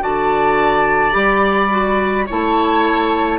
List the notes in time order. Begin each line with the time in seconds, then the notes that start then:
0.00 D3 F#4 D5 A5
1.11 G3 G4 B5
1.70 F#4
2.26 A3 E4 C#5 A5